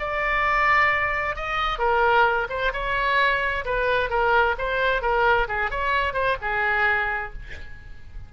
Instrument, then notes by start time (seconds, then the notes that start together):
oboe
0.00 D5
1.36 D#5
1.79 A#4
2.50 C5
2.73 C#5
3.65 B4
4.10 A#4
4.59 C5
5.02 A#4
5.49 G#4
5.71 C#5
6.14 C5
6.42 G#4